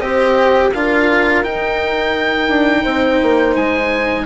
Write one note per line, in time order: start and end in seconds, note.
0.00 0.72 C4
0.00 0.72 G4
0.00 0.71 C5
0.00 0.71 D#5
0.73 1.45 D4
0.73 1.44 F4
0.73 2.83 A#4
0.73 1.44 F5
1.44 4.26 D#4
1.44 2.49 D#4
1.44 3.56 G5
2.49 2.84 D4
2.83 3.21 C4
2.83 4.24 C5
3.23 3.56 A#3
3.56 4.26 G#3
3.56 4.26 G#5